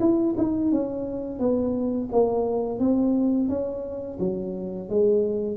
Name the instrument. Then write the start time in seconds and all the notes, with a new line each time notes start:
tuba
0.00 E4
0.38 D#4
0.72 C#4
1.40 B3
2.12 A#3
2.79 C4
3.49 C#4
4.20 F#3
4.89 G#3